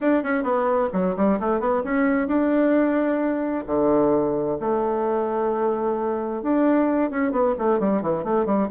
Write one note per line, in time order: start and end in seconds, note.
0.00 0.23 D4
0.23 0.43 C#4
0.43 0.88 B3
0.92 1.15 F#3
1.16 1.39 G3
1.39 1.60 A3
1.60 1.83 B3
1.84 2.27 C#4
2.27 3.64 D4
3.66 4.58 D3
4.59 6.42 A3
6.42 7.10 D4
7.10 7.31 C#4
7.31 7.54 B3
7.58 7.79 A3
7.79 8.02 G3
8.02 8.24 E3
8.24 8.45 A3
8.45 8.68 G3